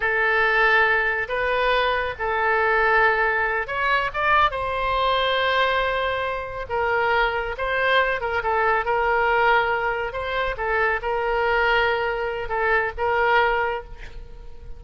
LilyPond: \new Staff \with { instrumentName = "oboe" } { \time 4/4 \tempo 4 = 139 a'2. b'4~ | b'4 a'2.~ | a'8 cis''4 d''4 c''4.~ | c''2.~ c''8 ais'8~ |
ais'4. c''4. ais'8 a'8~ | a'8 ais'2. c''8~ | c''8 a'4 ais'2~ ais'8~ | ais'4 a'4 ais'2 | }